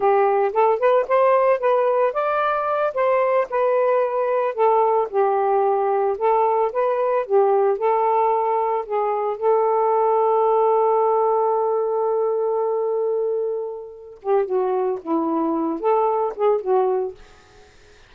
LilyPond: \new Staff \with { instrumentName = "saxophone" } { \time 4/4 \tempo 4 = 112 g'4 a'8 b'8 c''4 b'4 | d''4. c''4 b'4.~ | b'8 a'4 g'2 a'8~ | a'8 b'4 g'4 a'4.~ |
a'8 gis'4 a'2~ a'8~ | a'1~ | a'2~ a'8 g'8 fis'4 | e'4. a'4 gis'8 fis'4 | }